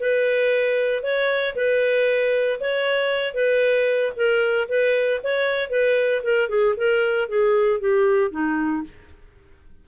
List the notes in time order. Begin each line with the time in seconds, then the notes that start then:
0.00 B4
1.03 C#5
1.56 B4
2.61 C#5
3.35 B4
4.16 A#4
4.69 B4
5.24 C#5
5.70 B4
6.24 A#4
6.49 G#4
6.77 A#4
7.29 G#4
7.80 G4
8.31 D#4